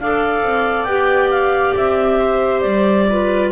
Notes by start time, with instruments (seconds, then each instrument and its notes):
0.00 double bass D4, clarinet A4 F5, viola D5
0.43 double bass C4
0.84 double bass B3, clarinet G4 G5
1.30 clarinet F5
1.76 double bass C4, clarinet E5
2.19 viola C5
2.60 double bass G3, clarinet D5
3.09 clarinet F4, viola B4